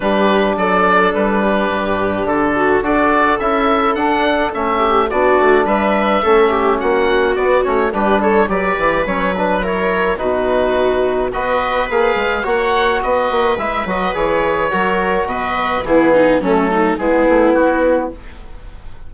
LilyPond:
<<
  \new Staff \with { instrumentName = "oboe" } { \time 4/4 \tempo 4 = 106 b'4 d''4 b'2 | a'4 d''4 e''4 fis''4 | e''4 d''4 e''2 | fis''4 d''8 cis''8 b'8 cis''8 d''4 |
cis''8 b'8 cis''4 b'2 | dis''4 f''4 fis''4 dis''4 | e''8 dis''8 cis''2 dis''4 | gis'4 a'4 gis'4 fis'4 | }
  \new Staff \with { instrumentName = "viola" } { \time 4/4 g'4 a'4. g'4.~ | g'8 fis'8 a'2.~ | a'8 g'8 fis'4 b'4 a'8 g'8 | fis'2 g'8 a'8 b'4~ |
b'4 ais'4 fis'2 | b'2 cis''4 b'4~ | b'2 ais'4 b'4 | e'8 dis'8 cis'8 dis'8 e'2 | }
  \new Staff \with { instrumentName = "trombone" } { \time 4/4 d'1~ | d'4 fis'4 e'4 d'4 | cis'4 d'2 cis'4~ | cis'4 b8 cis'8 d'4 g'4 |
cis'8 d'8 e'4 dis'2 | fis'4 gis'4 fis'2 | e'8 fis'8 gis'4 fis'2 | b4 a4 b2 | }
  \new Staff \with { instrumentName = "bassoon" } { \time 4/4 g4 fis4 g4 g,4 | d4 d'4 cis'4 d'4 | a4 b8 a8 g4 a4 | ais4 b8 a8 g4 fis8 e8 |
fis2 b,2 | b4 ais8 gis8 ais4 b8 ais8 | gis8 fis8 e4 fis4 b,4 | e4 fis4 gis8 a8 b4 | }
>>